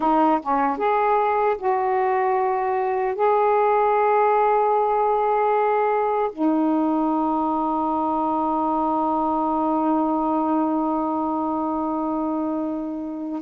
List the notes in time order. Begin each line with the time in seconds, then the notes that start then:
0.00 D#4
0.42 C#4
0.77 G#4
1.57 F#4
3.15 G#4
6.32 D#4